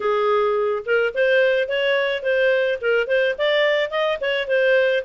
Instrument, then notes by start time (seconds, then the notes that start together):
clarinet
0.00 G#4
0.85 A#4
1.14 C5
1.68 C#5
2.23 C5
2.81 A#4
3.07 C5
3.38 D5
3.90 D#5
4.20 C#5
4.47 C5